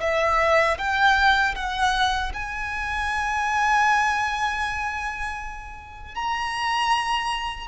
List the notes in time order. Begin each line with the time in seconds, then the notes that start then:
0.00 E5
0.77 G5
1.55 F#5
2.33 G#5
6.15 A#5